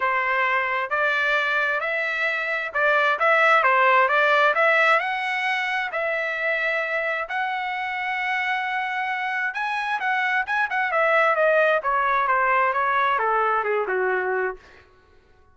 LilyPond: \new Staff \with { instrumentName = "trumpet" } { \time 4/4 \tempo 4 = 132 c''2 d''2 | e''2 d''4 e''4 | c''4 d''4 e''4 fis''4~ | fis''4 e''2. |
fis''1~ | fis''4 gis''4 fis''4 gis''8 fis''8 | e''4 dis''4 cis''4 c''4 | cis''4 a'4 gis'8 fis'4. | }